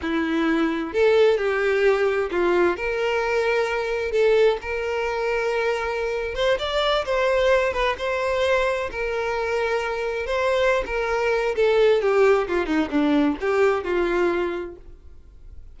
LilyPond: \new Staff \with { instrumentName = "violin" } { \time 4/4 \tempo 4 = 130 e'2 a'4 g'4~ | g'4 f'4 ais'2~ | ais'4 a'4 ais'2~ | ais'4.~ ais'16 c''8 d''4 c''8.~ |
c''8. b'8 c''2 ais'8.~ | ais'2~ ais'16 c''4~ c''16 ais'8~ | ais'4 a'4 g'4 f'8 dis'8 | d'4 g'4 f'2 | }